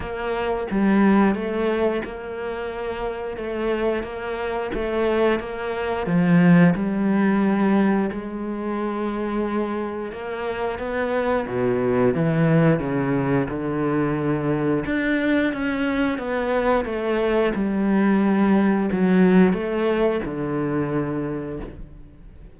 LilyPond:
\new Staff \with { instrumentName = "cello" } { \time 4/4 \tempo 4 = 89 ais4 g4 a4 ais4~ | ais4 a4 ais4 a4 | ais4 f4 g2 | gis2. ais4 |
b4 b,4 e4 cis4 | d2 d'4 cis'4 | b4 a4 g2 | fis4 a4 d2 | }